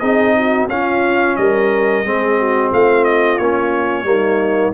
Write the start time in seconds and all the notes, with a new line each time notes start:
0.00 C4 D#4 G#4 D#5
0.38 F#4
0.69 C#4 F4 F5
1.36 G3 A#4 D#5
2.05 G#3 C4 G#4
2.39 F#4
2.71 A3 F4 F5
3.05 D#5
3.38 A#3 C#4 C#5
4.04 G3 A#3 D#4